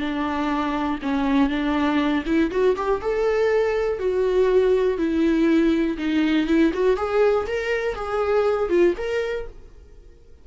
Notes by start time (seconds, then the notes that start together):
0.00 D4
1.02 C#4
1.50 D4
2.26 E4
2.52 F#4
2.77 G4
3.02 A4
3.99 F#4
4.98 E4
5.98 D#4
6.47 E4
6.74 F#4
6.97 G#4
7.47 A#4
7.95 G#4
8.70 F4
8.98 A#4